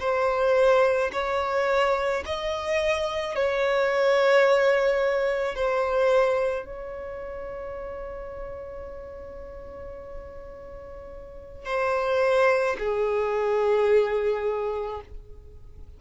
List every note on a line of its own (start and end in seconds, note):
0.00 1.11 C5
1.13 2.24 C#5
2.26 3.35 D#5
3.35 5.56 C#5
5.56 6.66 C5
6.66 11.65 C#5
11.65 12.76 C5
12.79 15.01 G#4